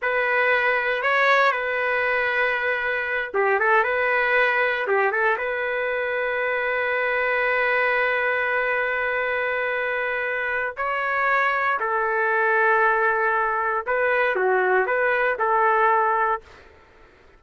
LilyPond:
\new Staff \with { instrumentName = "trumpet" } { \time 4/4 \tempo 4 = 117 b'2 cis''4 b'4~ | b'2~ b'8 g'8 a'8 b'8~ | b'4. g'8 a'8 b'4.~ | b'1~ |
b'1~ | b'4 cis''2 a'4~ | a'2. b'4 | fis'4 b'4 a'2 | }